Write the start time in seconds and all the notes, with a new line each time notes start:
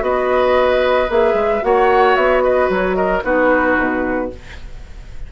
0.00 B3 F#4 B4 D#5
1.10 A#3 G#4 E5
1.34 G#3
1.62 A#3 F#4 C#5 F#5
2.16 B3 E5
2.43 B4 D#5
2.69 F#3 C#5
2.95 A#4 D#5
3.23 B3 D#4 F#4 B4
3.78 B2